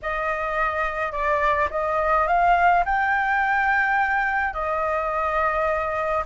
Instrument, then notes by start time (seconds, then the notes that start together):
flute
0.02 D#5
1.12 D5
1.70 D#5
2.27 F5
2.85 G5
4.53 D#5